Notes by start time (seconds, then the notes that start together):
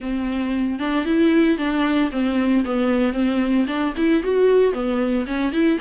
0.00 C4
0.79 D4
1.05 E4
1.58 D4
2.11 C4
2.64 B3
3.13 C4
3.67 D4
3.96 E4
4.23 F#4
4.73 B3
5.26 C#4
5.52 E4